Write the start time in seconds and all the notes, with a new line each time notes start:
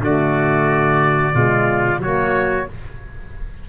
0.00 D3 A3 F#4 D5
1.31 B2 G#3 F4
1.98 F#3 A#3 F#4 C#5